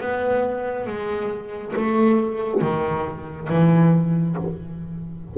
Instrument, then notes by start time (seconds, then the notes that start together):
double bass
0.00 B3
0.87 G#3
1.75 A3
2.61 D#3
3.49 E3